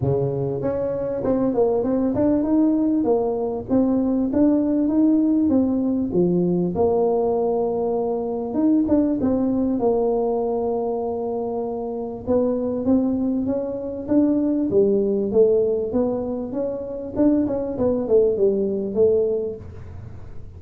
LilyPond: \new Staff \with { instrumentName = "tuba" } { \time 4/4 \tempo 4 = 98 cis4 cis'4 c'8 ais8 c'8 d'8 | dis'4 ais4 c'4 d'4 | dis'4 c'4 f4 ais4~ | ais2 dis'8 d'8 c'4 |
ais1 | b4 c'4 cis'4 d'4 | g4 a4 b4 cis'4 | d'8 cis'8 b8 a8 g4 a4 | }